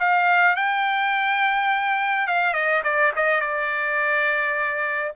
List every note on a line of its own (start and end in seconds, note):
0.00 0.56 F5
0.56 2.28 G5
2.28 2.54 F5
2.54 2.82 D#5
2.84 3.12 D5
3.16 3.41 D#5
3.41 5.12 D5